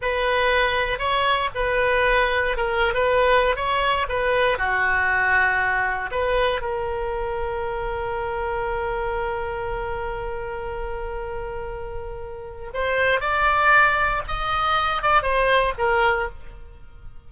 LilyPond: \new Staff \with { instrumentName = "oboe" } { \time 4/4 \tempo 4 = 118 b'2 cis''4 b'4~ | b'4 ais'8. b'4~ b'16 cis''4 | b'4 fis'2. | b'4 ais'2.~ |
ais'1~ | ais'1~ | ais'4 c''4 d''2 | dis''4. d''8 c''4 ais'4 | }